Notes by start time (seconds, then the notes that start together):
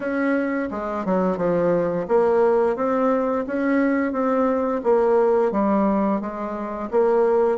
0.00 C#4
0.71 G#3
1.05 F#3
1.37 F3
2.08 A#3
2.76 C4
3.47 C#4
4.12 C4
4.83 A#3
5.51 G3
6.20 G#3
6.90 A#3